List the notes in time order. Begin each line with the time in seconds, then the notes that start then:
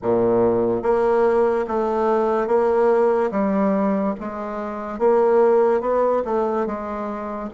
0.02 A#2
0.82 A#3
1.67 A3
2.47 A#3
3.31 G3
4.19 G#3
4.98 A#3
5.81 B3
6.25 A3
6.66 G#3